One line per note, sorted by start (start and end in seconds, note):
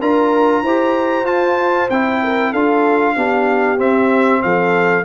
0.00 0.62 D4
0.00 0.64 F4
0.00 0.63 A#4
0.00 1.26 A#5
0.62 1.23 E4
0.62 1.26 G4
0.62 2.21 C5
1.23 1.87 F4
1.23 1.89 F4
1.23 1.89 A5
1.90 2.53 C4
1.90 2.55 E4
1.90 2.53 G5
2.23 2.52 A#4
2.52 3.16 D4
2.52 3.17 F4
2.52 3.15 A4
2.52 3.79 F5
3.16 3.78 B3
3.16 3.77 D4
3.16 4.43 G4
3.77 5.03 C4
3.77 4.41 C4
3.77 4.42 E5
4.42 5.05 F3
4.42 5.05 A4
4.42 5.05 F5